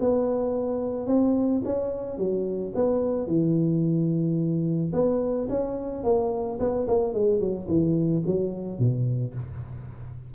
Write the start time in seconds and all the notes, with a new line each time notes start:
0.00 B3
1.07 C4
1.65 C#4
2.18 F#3
2.75 B3
3.27 E3
4.93 B3
5.49 C#4
6.04 A#3
6.60 B3
6.88 A#3
7.14 G#3
7.40 F#3
7.68 E3
8.26 F#3
8.79 B2